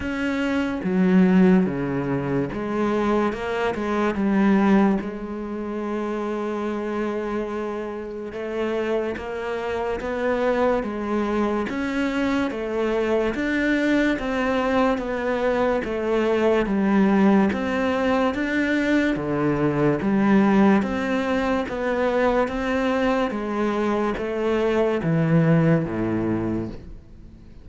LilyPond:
\new Staff \with { instrumentName = "cello" } { \time 4/4 \tempo 4 = 72 cis'4 fis4 cis4 gis4 | ais8 gis8 g4 gis2~ | gis2 a4 ais4 | b4 gis4 cis'4 a4 |
d'4 c'4 b4 a4 | g4 c'4 d'4 d4 | g4 c'4 b4 c'4 | gis4 a4 e4 a,4 | }